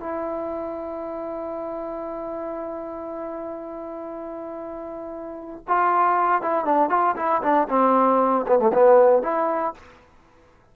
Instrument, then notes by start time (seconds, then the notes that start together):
trombone
0.00 E4
5.68 F4
6.42 E4
6.65 D4
6.90 F4
7.16 E4
7.42 D4
7.69 C4
8.47 B3
8.59 A3
8.73 B3
9.22 E4